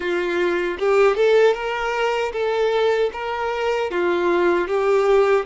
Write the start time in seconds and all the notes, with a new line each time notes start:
0.00 F4
0.78 G4
1.16 A4
1.54 A#4
2.32 A4
3.12 A#4
3.90 F4
4.67 G4